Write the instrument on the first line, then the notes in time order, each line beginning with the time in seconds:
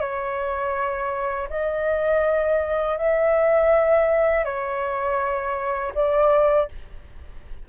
flute
0.00 C#5
1.49 D#5
2.97 E5
4.45 C#5
5.94 D5